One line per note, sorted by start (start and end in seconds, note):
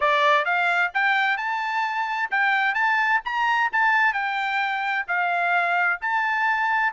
0.00 0.45 D5
0.45 0.91 F5
0.93 1.37 G5
1.37 2.29 A5
2.31 2.74 G5
2.74 3.20 A5
3.24 3.70 A#5
3.72 4.13 A5
4.13 5.05 G5
5.07 6.00 F5
6.01 6.92 A5